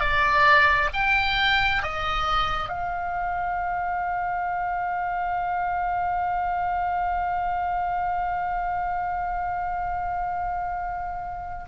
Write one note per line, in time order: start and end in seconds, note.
0.00 0.90 D5
0.94 1.83 G5
1.83 2.69 D#5
2.69 11.65 F5